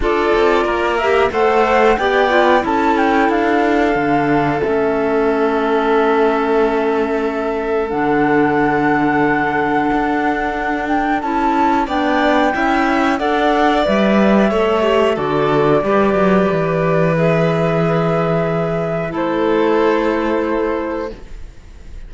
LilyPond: <<
  \new Staff \with { instrumentName = "flute" } { \time 4/4 \tempo 4 = 91 d''4. e''8 fis''4 g''4 | a''8 g''8 f''2 e''4~ | e''1 | fis''1~ |
fis''8 g''8 a''4 g''2 | fis''4 e''2 d''4~ | d''2 e''2~ | e''4 c''2. | }
  \new Staff \with { instrumentName = "violin" } { \time 4/4 a'4 ais'4 c''4 d''4 | a'1~ | a'1~ | a'1~ |
a'2 d''4 e''4 | d''2 cis''4 a'4 | b'1~ | b'4 a'2. | }
  \new Staff \with { instrumentName = "clarinet" } { \time 4/4 f'4. g'8 a'4 g'8 f'8 | e'2 d'4 cis'4~ | cis'1 | d'1~ |
d'4 e'4 d'4 e'4 | a'4 b'4 a'8 g'8 fis'4 | g'2 gis'2~ | gis'4 e'2. | }
  \new Staff \with { instrumentName = "cello" } { \time 4/4 d'8 c'8 ais4 a4 b4 | cis'4 d'4 d4 a4~ | a1 | d2. d'4~ |
d'4 cis'4 b4 cis'4 | d'4 g4 a4 d4 | g8 fis8 e2.~ | e4 a2. | }
>>